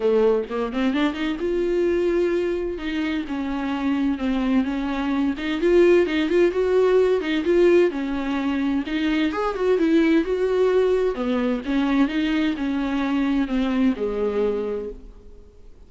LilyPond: \new Staff \with { instrumentName = "viola" } { \time 4/4 \tempo 4 = 129 a4 ais8 c'8 d'8 dis'8 f'4~ | f'2 dis'4 cis'4~ | cis'4 c'4 cis'4. dis'8 | f'4 dis'8 f'8 fis'4. dis'8 |
f'4 cis'2 dis'4 | gis'8 fis'8 e'4 fis'2 | b4 cis'4 dis'4 cis'4~ | cis'4 c'4 gis2 | }